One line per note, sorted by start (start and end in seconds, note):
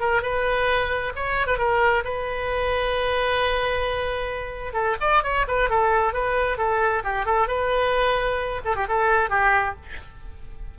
0.00 0.22 A#4
0.22 1.13 B4
1.16 1.47 C#5
1.47 1.58 B4
1.58 2.04 A#4
2.05 4.74 B4
4.74 4.96 A4
5.01 5.23 D5
5.23 5.46 C#5
5.48 5.70 B4
5.70 6.13 A4
6.13 6.58 B4
6.58 7.03 A4
7.04 7.26 G4
7.26 7.48 A4
7.48 8.61 B4
8.65 8.76 A4
8.76 8.87 G4
8.88 9.30 A4
9.30 9.75 G4